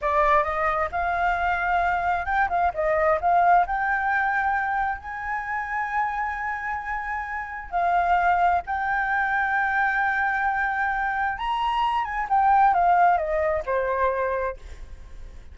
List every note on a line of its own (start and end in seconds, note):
0.01 0.43 D5
0.43 0.89 D#5
0.91 2.25 F5
2.25 2.48 G5
2.49 2.71 F5
2.74 3.19 D#5
3.20 3.66 F5
3.66 4.98 G5
4.98 7.70 G#5
7.70 8.61 F5
8.66 11.37 G5
11.37 12.04 A#5
12.04 12.27 G#5
12.29 12.74 G5
12.74 13.17 F5
13.17 13.62 D#5
13.65 14.56 C5